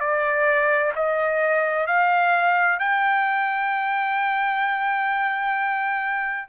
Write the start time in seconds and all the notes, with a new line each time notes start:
0.00 D5
0.96 D#5
1.87 F5
2.79 G5